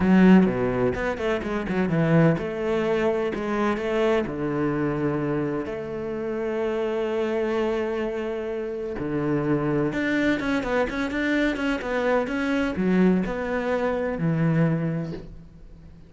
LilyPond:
\new Staff \with { instrumentName = "cello" } { \time 4/4 \tempo 4 = 127 fis4 b,4 b8 a8 gis8 fis8 | e4 a2 gis4 | a4 d2. | a1~ |
a2. d4~ | d4 d'4 cis'8 b8 cis'8 d'8~ | d'8 cis'8 b4 cis'4 fis4 | b2 e2 | }